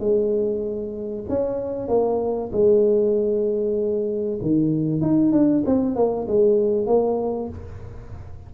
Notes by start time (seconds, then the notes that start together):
0.00 G#3
1.29 C#4
1.89 A#3
2.52 G#3
4.42 D#3
5.02 D#4
5.33 D4
5.66 C4
5.96 A#3
6.28 G#3
6.87 A#3